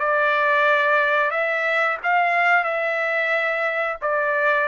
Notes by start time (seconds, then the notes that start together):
0.00 D5
1.31 E5
2.03 F5
2.64 E5
4.02 D5